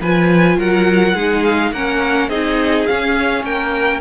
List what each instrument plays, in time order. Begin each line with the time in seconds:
0.00 cello F3, viola F4, violin B4 G#5
0.57 cello F#3, violin A#4 F#5
1.14 cello G#3, viola D#4, violin G#4
1.44 violin F5
1.72 cello A#3, viola C#4, violin A#4 F#5
2.28 cello C4, viola D#4, violin G#4 D#5
2.86 viola C#4, cello C#4, violin F5
3.43 cello A#3, violin A#4 G5